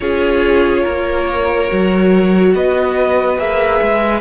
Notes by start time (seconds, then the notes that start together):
0.00 C#4 F4 G#4 C#5
0.82 A#3 A#4
1.69 F#3 F#4
2.54 B3 B4 D#5
3.38 A#3 G#4 E5
3.81 G#3